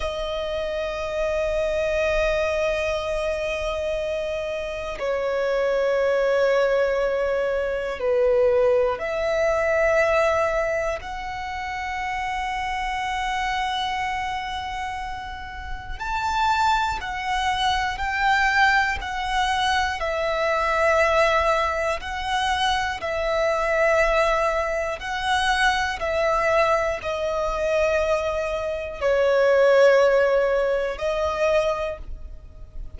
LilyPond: \new Staff \with { instrumentName = "violin" } { \time 4/4 \tempo 4 = 60 dis''1~ | dis''4 cis''2. | b'4 e''2 fis''4~ | fis''1 |
a''4 fis''4 g''4 fis''4 | e''2 fis''4 e''4~ | e''4 fis''4 e''4 dis''4~ | dis''4 cis''2 dis''4 | }